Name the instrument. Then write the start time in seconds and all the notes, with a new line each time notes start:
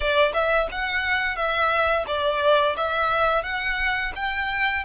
violin
0.00 D5
0.33 E5
0.71 F#5
1.35 E5
2.07 D5
2.76 E5
3.43 F#5
4.15 G5